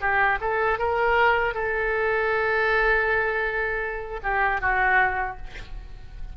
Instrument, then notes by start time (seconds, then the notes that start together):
oboe
0.00 G4
0.40 A4
0.78 A#4
1.54 A4
4.23 G4
4.61 F#4